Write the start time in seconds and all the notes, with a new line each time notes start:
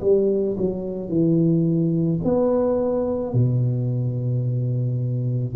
0.00 G3
0.57 F#3
1.08 E3
2.23 B3
3.33 B2